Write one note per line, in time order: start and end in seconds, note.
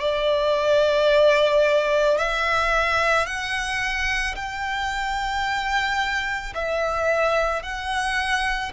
0.00 2.18 D5
2.18 3.26 E5
3.26 4.35 F#5
4.35 6.54 G5
6.55 7.63 E5
7.63 8.72 F#5